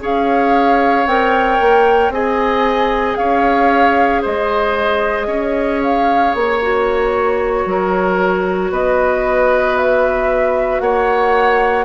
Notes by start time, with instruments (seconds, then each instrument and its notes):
0.00 bassoon C#4, clarinet G#4, oboe C#5, flute F5
1.06 bassoon C4, clarinet A#4, flute G5
1.60 bassoon A#3
2.09 bassoon C4, clarinet G#4, oboe D#5, flute G#5
3.16 bassoon C#4, oboe C#5, flute F5
4.21 bassoon G#3, oboe C5, flute D#5
5.27 bassoon C#4, oboe C#5
5.83 flute F5
6.34 bassoon A#3, flute C#5
6.62 clarinet F#4
7.65 bassoon F#3, oboe A#4
8.70 bassoon B3, oboe B4, flute D#5
9.77 flute E5
10.80 bassoon A#3, oboe C#5, flute F#5